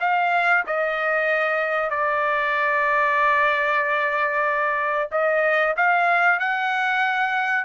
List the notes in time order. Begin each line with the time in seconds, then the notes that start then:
0.00 F5
0.67 D#5
1.90 D5
5.11 D#5
5.76 F5
6.39 F#5